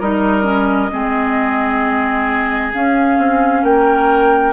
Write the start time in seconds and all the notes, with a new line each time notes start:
0.00 G3 D#4 A#4 D#5
0.43 C#4
0.91 G#3 C4 G#4
2.74 C#4 F5
3.18 C4
3.63 A#3 A#4 G5